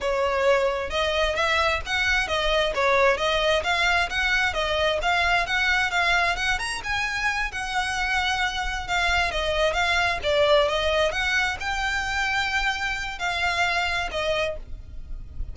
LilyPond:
\new Staff \with { instrumentName = "violin" } { \time 4/4 \tempo 4 = 132 cis''2 dis''4 e''4 | fis''4 dis''4 cis''4 dis''4 | f''4 fis''4 dis''4 f''4 | fis''4 f''4 fis''8 ais''8 gis''4~ |
gis''8 fis''2. f''8~ | f''8 dis''4 f''4 d''4 dis''8~ | dis''8 fis''4 g''2~ g''8~ | g''4 f''2 dis''4 | }